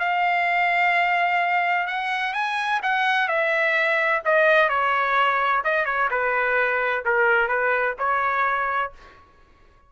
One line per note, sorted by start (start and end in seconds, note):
0.00 1.87 F5
1.87 2.34 F#5
2.34 2.81 G#5
2.83 3.29 F#5
3.29 4.22 E5
4.25 4.70 D#5
4.70 5.63 C#5
5.65 5.86 D#5
5.86 6.09 C#5
6.11 7.05 B4
7.06 7.49 A#4
7.49 7.96 B4
7.99 8.93 C#5